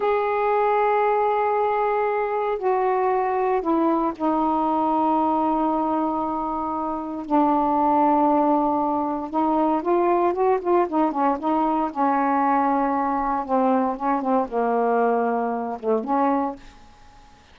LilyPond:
\new Staff \with { instrumentName = "saxophone" } { \time 4/4 \tempo 4 = 116 gis'1~ | gis'4 fis'2 e'4 | dis'1~ | dis'2 d'2~ |
d'2 dis'4 f'4 | fis'8 f'8 dis'8 cis'8 dis'4 cis'4~ | cis'2 c'4 cis'8 c'8 | ais2~ ais8 a8 cis'4 | }